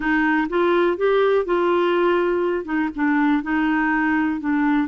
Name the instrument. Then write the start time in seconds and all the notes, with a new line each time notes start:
clarinet
0.00 D#4
0.49 F4
0.97 G4
1.45 F4
2.64 D#4
2.95 D4
3.43 D#4
4.40 D4